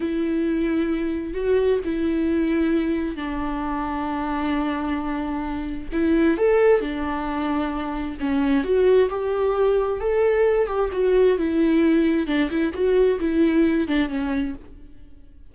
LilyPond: \new Staff \with { instrumentName = "viola" } { \time 4/4 \tempo 4 = 132 e'2. fis'4 | e'2. d'4~ | d'1~ | d'4 e'4 a'4 d'4~ |
d'2 cis'4 fis'4 | g'2 a'4. g'8 | fis'4 e'2 d'8 e'8 | fis'4 e'4. d'8 cis'4 | }